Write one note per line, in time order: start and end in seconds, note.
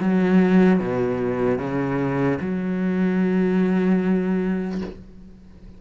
0.00 0.80 F#3
0.80 1.58 B2
1.58 2.38 C#3
2.41 4.81 F#3